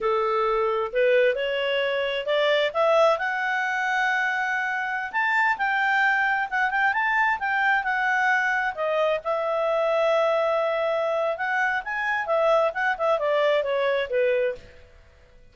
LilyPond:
\new Staff \with { instrumentName = "clarinet" } { \time 4/4 \tempo 4 = 132 a'2 b'4 cis''4~ | cis''4 d''4 e''4 fis''4~ | fis''2.~ fis''16 a''8.~ | a''16 g''2 fis''8 g''8 a''8.~ |
a''16 g''4 fis''2 dis''8.~ | dis''16 e''2.~ e''8.~ | e''4 fis''4 gis''4 e''4 | fis''8 e''8 d''4 cis''4 b'4 | }